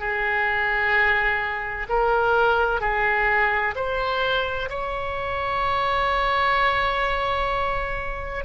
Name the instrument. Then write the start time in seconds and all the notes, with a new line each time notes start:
oboe
0.00 G#4
1.89 A#4
2.81 G#4
3.75 C5
4.70 C#5